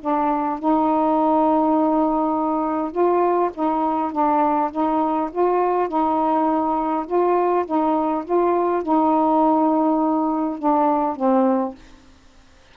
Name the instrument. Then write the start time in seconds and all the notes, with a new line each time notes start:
saxophone
0.00 D4
0.59 D#4
2.91 F4
3.54 D#4
4.11 D4
4.71 D#4
5.31 F4
5.88 D#4
7.06 F4
7.65 D#4
8.24 F4
8.82 D#4
10.59 D4
11.16 C4